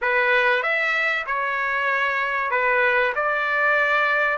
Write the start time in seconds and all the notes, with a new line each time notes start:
0.01 B4
0.62 E5
1.26 C#5
2.50 B4
3.15 D5